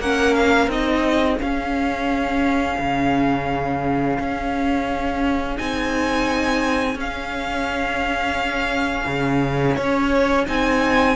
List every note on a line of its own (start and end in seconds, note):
0.00 0.68 A#3
0.00 0.70 C#4
0.00 1.06 A#4
0.00 0.35 F#5
0.35 0.70 F5
0.68 1.38 C4
0.68 1.40 D#4
0.68 1.40 D#5
1.06 11.16 G#4
1.40 5.57 C#4
1.40 2.79 C#4
1.40 5.58 F5
2.79 4.19 C#3
4.20 5.59 C#4
5.57 6.95 C4
5.57 6.97 D#4
5.57 6.98 G#5
6.95 9.05 C#4
6.95 10.46 C#4
6.95 9.76 F5
9.07 9.77 C#3
9.76 10.48 C#4
9.76 10.45 C#5
10.46 11.16 C4
10.46 11.16 D#4
10.46 11.16 G#5